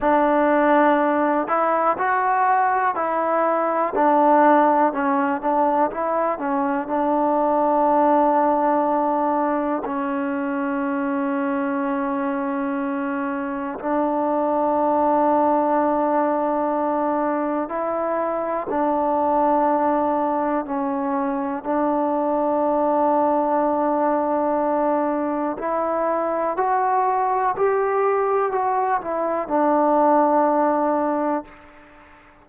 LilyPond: \new Staff \with { instrumentName = "trombone" } { \time 4/4 \tempo 4 = 61 d'4. e'8 fis'4 e'4 | d'4 cis'8 d'8 e'8 cis'8 d'4~ | d'2 cis'2~ | cis'2 d'2~ |
d'2 e'4 d'4~ | d'4 cis'4 d'2~ | d'2 e'4 fis'4 | g'4 fis'8 e'8 d'2 | }